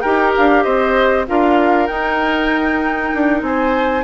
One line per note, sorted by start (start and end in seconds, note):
0.00 0.35 D#4
0.00 1.27 G4
0.00 0.63 A#4
0.00 0.31 G5
0.36 0.65 D4
0.36 0.63 F5
0.63 1.27 C4
0.63 1.26 C5
0.63 1.25 D#5
1.27 1.89 D4
1.27 1.88 F4
1.27 3.46 A#4
1.27 1.86 F5
1.86 4.04 D#4
1.86 3.12 D#4
1.86 3.41 G5
3.14 3.42 D4
3.42 4.04 C4
3.42 4.04 C5
3.42 4.04 G#5